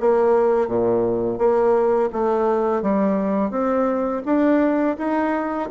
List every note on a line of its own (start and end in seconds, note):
0.00 0.68 A#3
0.68 1.38 A#2
1.38 2.09 A#3
2.12 2.82 A3
2.82 3.50 G3
3.50 4.22 C4
4.25 4.96 D4
4.97 5.69 D#4